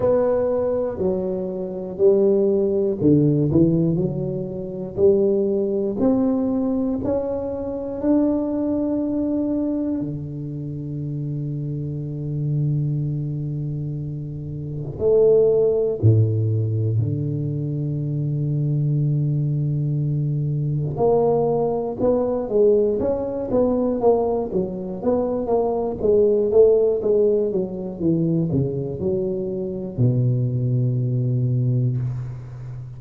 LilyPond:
\new Staff \with { instrumentName = "tuba" } { \time 4/4 \tempo 4 = 60 b4 fis4 g4 d8 e8 | fis4 g4 c'4 cis'4 | d'2 d2~ | d2. a4 |
a,4 d2.~ | d4 ais4 b8 gis8 cis'8 b8 | ais8 fis8 b8 ais8 gis8 a8 gis8 fis8 | e8 cis8 fis4 b,2 | }